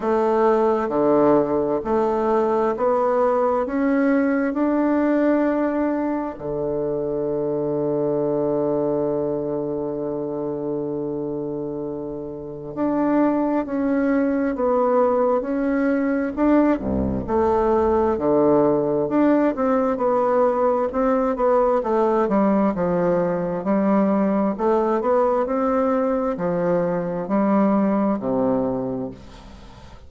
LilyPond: \new Staff \with { instrumentName = "bassoon" } { \time 4/4 \tempo 4 = 66 a4 d4 a4 b4 | cis'4 d'2 d4~ | d1~ | d2 d'4 cis'4 |
b4 cis'4 d'8 c,8 a4 | d4 d'8 c'8 b4 c'8 b8 | a8 g8 f4 g4 a8 b8 | c'4 f4 g4 c4 | }